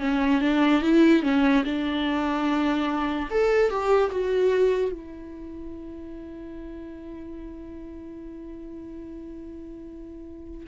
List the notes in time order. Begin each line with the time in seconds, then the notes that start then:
0.00 C#4
0.41 D4
0.82 E4
1.23 C#4
1.65 D4
3.31 A4
3.70 G4
4.11 F#4
4.92 E4